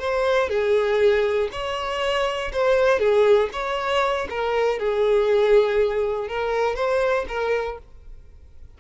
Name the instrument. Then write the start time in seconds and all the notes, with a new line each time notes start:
violin
0.00 C5
0.49 G#4
1.52 C#5
2.53 C5
3.00 G#4
3.53 C#5
4.30 A#4
4.80 G#4
6.28 A#4
6.76 C5
7.28 A#4